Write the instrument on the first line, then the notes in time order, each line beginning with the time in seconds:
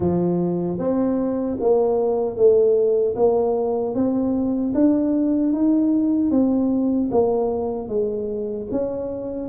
tuba
0.00 F3
0.78 C4
1.60 A#3
2.36 A3
3.15 A#3
3.94 C4
4.74 D4
5.52 D#4
6.31 C4
7.11 A#3
7.88 G#3
8.71 C#4